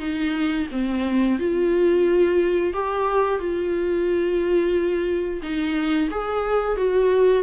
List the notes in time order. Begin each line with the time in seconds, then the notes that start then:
0.00 D#4
0.72 C4
1.39 F4
2.74 G4
3.39 F4
5.42 D#4
6.11 G#4
6.77 F#4